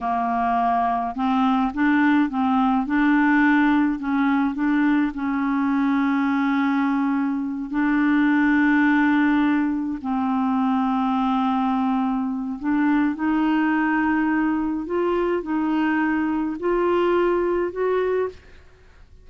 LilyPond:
\new Staff \with { instrumentName = "clarinet" } { \time 4/4 \tempo 4 = 105 ais2 c'4 d'4 | c'4 d'2 cis'4 | d'4 cis'2.~ | cis'4. d'2~ d'8~ |
d'4. c'2~ c'8~ | c'2 d'4 dis'4~ | dis'2 f'4 dis'4~ | dis'4 f'2 fis'4 | }